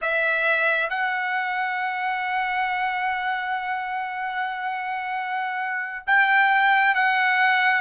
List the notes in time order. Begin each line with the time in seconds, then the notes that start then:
0.01 E5
0.89 F#5
6.07 G5
6.94 F#5